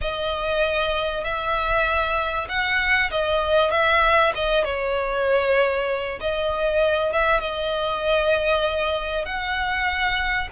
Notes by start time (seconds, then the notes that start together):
0.01 D#5
1.24 E5
2.48 F#5
3.10 D#5
3.71 E5
4.34 D#5
4.64 C#5
6.20 D#5
7.12 E5
7.40 D#5
9.25 F#5